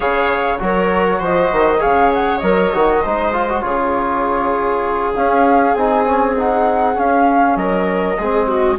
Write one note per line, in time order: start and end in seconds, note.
0.00 0.60 C#3
0.00 0.57 G#4
0.00 0.59 C#5
0.00 0.59 F5
0.58 1.20 F#3
0.58 1.78 F#4
0.58 1.19 A#4
0.58 1.23 C#5
1.19 1.50 F3
1.19 1.79 C5
1.19 1.81 D#5
1.52 1.82 D#3
1.78 2.41 C#3
1.78 2.39 G#4
1.78 3.01 C#5
1.78 2.11 F5
2.13 2.38 F#5
2.38 2.72 F#3
2.38 2.73 A#4
2.38 3.60 D#5
2.73 3.04 D#3
2.73 3.04 F#4
3.02 3.63 G#3
3.02 3.33 D#4
3.02 3.62 C5
3.33 3.48 F4
3.48 3.62 F#4
3.60 5.14 C#3
3.60 5.14 F4
3.60 7.58 G#4
3.60 5.11 C#5
5.14 5.75 C#4
5.14 5.77 C#4
5.14 5.74 F5
5.74 6.96 C4
5.74 6.05 D#4
5.74 6.34 G#5
6.05 6.36 C#4
6.37 6.94 D#4
6.37 6.99 F#5
6.94 8.15 C#4
6.94 7.56 C#4
6.94 7.56 F5
7.56 8.16 F#3
7.56 8.18 A#4
7.56 8.77 D#5
8.18 8.78 G#3
8.18 8.78 C4
8.18 8.47 G#4
8.47 8.78 F#4